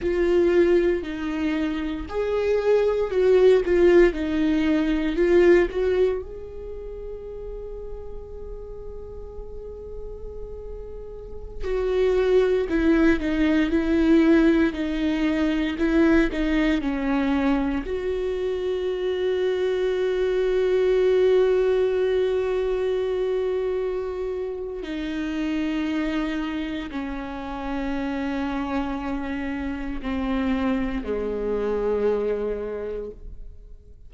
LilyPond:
\new Staff \with { instrumentName = "viola" } { \time 4/4 \tempo 4 = 58 f'4 dis'4 gis'4 fis'8 f'8 | dis'4 f'8 fis'8 gis'2~ | gis'2.~ gis'16 fis'8.~ | fis'16 e'8 dis'8 e'4 dis'4 e'8 dis'16~ |
dis'16 cis'4 fis'2~ fis'8.~ | fis'1 | dis'2 cis'2~ | cis'4 c'4 gis2 | }